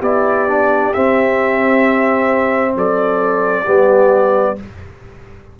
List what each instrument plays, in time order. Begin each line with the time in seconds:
0.00 tuba B3, trombone E4, horn G4, trumpet D5
0.48 trombone D4
0.93 trombone C4, tuba C4, trumpet E5
2.75 tuba F#3, horn A4, trumpet D5
3.64 tuba G3, trombone B3, horn G4